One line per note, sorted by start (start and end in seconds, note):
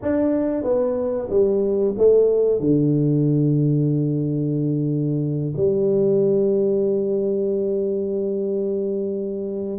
0.01 0.63 D4
0.63 1.28 B3
1.29 1.94 G3
1.97 2.60 A3
2.60 5.53 D3
5.56 9.79 G3